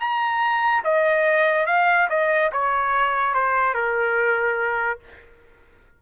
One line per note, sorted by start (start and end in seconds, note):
0.00 0.83 A#5
0.84 1.66 D#5
1.66 2.08 F5
2.09 2.51 D#5
2.52 3.34 C#5
3.34 3.74 C5
3.74 4.99 A#4